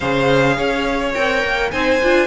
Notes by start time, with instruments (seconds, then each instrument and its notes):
0.00 cello C#3, viola G#4, violin C5 F5
0.57 cello C#4, violin C#5
1.14 cello C4, viola A#4, violin G5
1.43 cello A#3
1.70 cello C4, viola D#4, violin C5 G#5
2.02 cello D4, viola F4